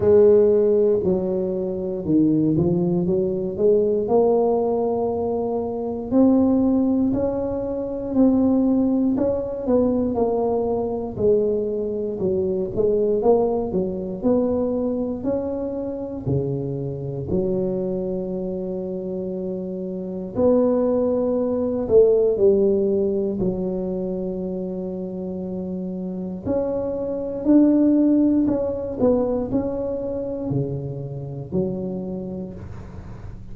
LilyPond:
\new Staff \with { instrumentName = "tuba" } { \time 4/4 \tempo 4 = 59 gis4 fis4 dis8 f8 fis8 gis8 | ais2 c'4 cis'4 | c'4 cis'8 b8 ais4 gis4 | fis8 gis8 ais8 fis8 b4 cis'4 |
cis4 fis2. | b4. a8 g4 fis4~ | fis2 cis'4 d'4 | cis'8 b8 cis'4 cis4 fis4 | }